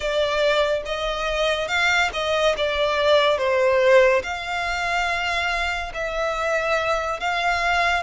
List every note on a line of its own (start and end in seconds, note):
0.00 0.82 D5
0.85 1.67 D#5
1.67 2.10 F5
2.13 2.55 D#5
2.57 3.38 D5
3.38 4.22 C5
4.23 5.92 F5
5.93 7.19 E5
7.19 8.02 F5